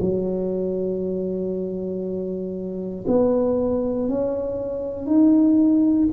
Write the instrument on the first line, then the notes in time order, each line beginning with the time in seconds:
tuba
0.00 F#3
3.07 B3
4.09 C#4
5.06 D#4